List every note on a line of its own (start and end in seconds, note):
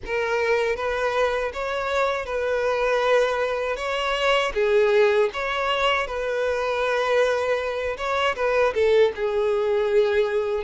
0.05 0.76 A#4
0.76 1.52 B4
1.53 2.25 C#5
2.25 3.76 B4
3.76 4.52 C#5
4.54 5.30 G#4
5.33 6.06 C#5
6.06 7.96 B4
7.97 8.35 C#5
8.35 8.73 B4
8.74 9.12 A4
9.15 10.64 G#4